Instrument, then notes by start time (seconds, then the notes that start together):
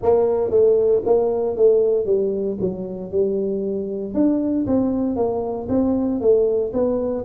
tuba
0.02 A#3
0.50 A3
1.05 A#3
1.56 A3
2.05 G3
2.60 F#3
3.11 G3
4.14 D4
4.66 C4
5.16 A#3
5.68 C4
6.20 A3
6.72 B3